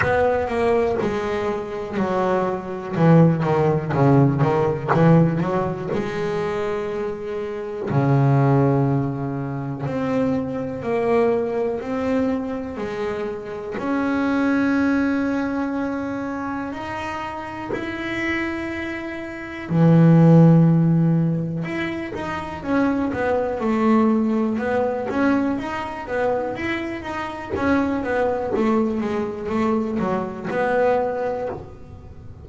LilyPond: \new Staff \with { instrumentName = "double bass" } { \time 4/4 \tempo 4 = 61 b8 ais8 gis4 fis4 e8 dis8 | cis8 dis8 e8 fis8 gis2 | cis2 c'4 ais4 | c'4 gis4 cis'2~ |
cis'4 dis'4 e'2 | e2 e'8 dis'8 cis'8 b8 | a4 b8 cis'8 dis'8 b8 e'8 dis'8 | cis'8 b8 a8 gis8 a8 fis8 b4 | }